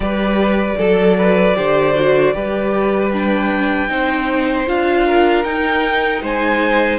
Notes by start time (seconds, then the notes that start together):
0.00 G3 G4 B4 D5
0.77 F#3 A4
1.17 B4
1.55 D3 G4 C5
1.94 F#4
2.33 G3 G4 B4
3.12 D4 G5
3.88 C4 D#4 C5
4.66 D4 F4 F5
5.06 A#4
5.44 D#4 G5
6.21 G#3 C5 G#5